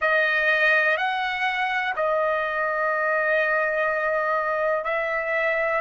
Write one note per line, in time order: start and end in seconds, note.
0.01 0.97 D#5
0.97 1.94 F#5
1.96 4.84 D#5
4.84 5.81 E5